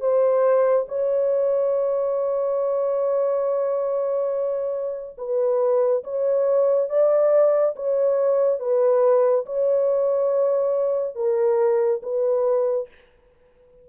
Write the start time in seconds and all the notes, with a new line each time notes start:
0.00 C5
0.88 C#5
5.17 B4
6.04 C#5
6.89 D5
7.76 C#5
8.59 B4
9.46 C#5
11.15 A#4
12.02 B4